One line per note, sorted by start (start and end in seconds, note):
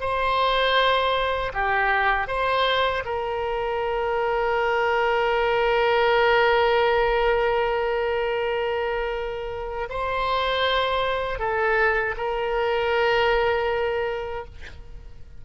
0.00 1.52 C5
1.53 2.27 G4
2.27 3.03 C5
3.04 9.88 A#4
9.89 11.39 C5
11.39 12.14 A4
12.17 14.44 A#4